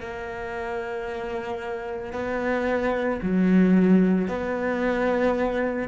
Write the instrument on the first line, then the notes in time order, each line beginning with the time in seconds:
cello
0.00 A#3
2.12 B3
3.22 F#3
4.28 B3